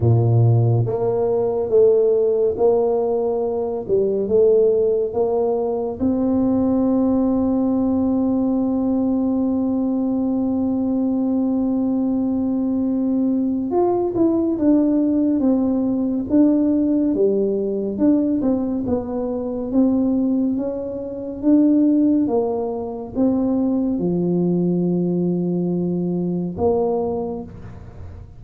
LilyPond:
\new Staff \with { instrumentName = "tuba" } { \time 4/4 \tempo 4 = 70 ais,4 ais4 a4 ais4~ | ais8 g8 a4 ais4 c'4~ | c'1~ | c'1 |
f'8 e'8 d'4 c'4 d'4 | g4 d'8 c'8 b4 c'4 | cis'4 d'4 ais4 c'4 | f2. ais4 | }